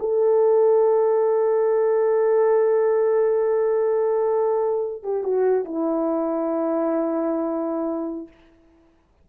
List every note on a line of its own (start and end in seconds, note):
0.00 5.03 A4
5.03 5.24 G4
5.24 5.65 F#4
5.65 8.28 E4